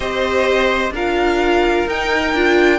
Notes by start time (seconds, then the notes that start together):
0.00 C4 G4 C5 D#5
0.90 D4 F4 A#4 F5
1.87 D#4 G5
2.33 D4 F4